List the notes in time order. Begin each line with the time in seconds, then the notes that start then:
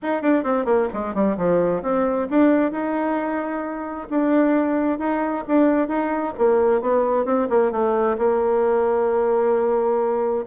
0.02 D#4
0.21 D4
0.43 C4
0.65 A#3
0.93 G#3
1.14 G3
1.37 F3
1.82 C4
2.30 D4
2.71 D#4
4.10 D4
4.98 D#4
5.47 D4
5.88 D#4
6.38 A#3
6.81 B3
7.25 C4
7.49 A#3
7.71 A3
8.18 A#3